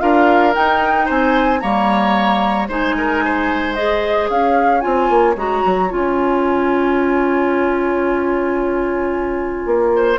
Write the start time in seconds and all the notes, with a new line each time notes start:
0.00 D4 F4 A#4 F5
0.54 D#4 G5
1.06 C4 C5 G#5
1.61 G3 A#3 C#5 A#5
2.69 G#3 D#4 C5 G#5
2.98 A#4
3.25 C5
3.74 G#4 D#5
4.30 C#4 C#5 F5
4.81 C4 F4 G#5
5.10 A#3
5.36 G#3 F#4 A#5
5.66 F#3
5.90 C#4 F4 G#5
9.66 A#3
9.96 C5